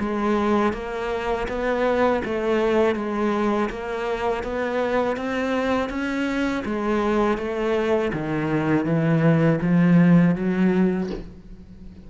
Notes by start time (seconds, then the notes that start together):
0.00 G#3
0.73 A#3
1.48 B3
2.25 A3
2.96 G#3
3.70 A#3
4.43 B3
5.17 C4
5.90 C#4
6.66 G#3
7.38 A3
8.13 D#3
8.86 E3
9.62 F3
10.36 F#3